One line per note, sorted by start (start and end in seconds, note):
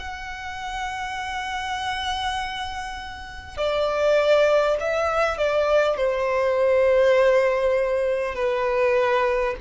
0.00 3.58 F#5
3.58 4.78 D5
4.81 5.38 E5
5.38 5.97 D5
5.97 8.35 C5
8.35 9.55 B4